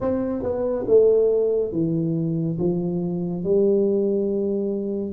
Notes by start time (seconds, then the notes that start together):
0.00 C4
0.42 B3
0.86 A3
1.71 E3
2.59 F3
3.43 G3